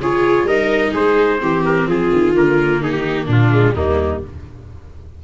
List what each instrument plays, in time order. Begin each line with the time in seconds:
0.00 tuba C#3, viola F4 G#4, trumpet C#5
0.44 tuba G3, viola D#4 A#4, trumpet D#5
0.92 tuba G#3, viola G#4, trumpet C5
1.39 tuba E3, viola C4 G4
1.65 trumpet A#4
1.87 tuba F3, viola F4, trumpet G#4
2.12 tuba D#3
2.35 tuba D3, viola A#3, trumpet A#4
2.80 tuba D#3, viola D#4, trumpet G#4
2.92 trumpet G4
3.26 tuba A#2, viola D4, trumpet F4
3.51 viola G#3
3.75 tuba D#2, viola G3 A#3, trumpet D#4